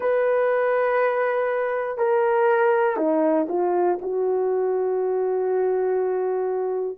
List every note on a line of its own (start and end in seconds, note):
0.00 1.97 B4
1.97 2.96 A#4
2.96 3.46 D#4
3.49 3.99 F4
4.01 6.97 F#4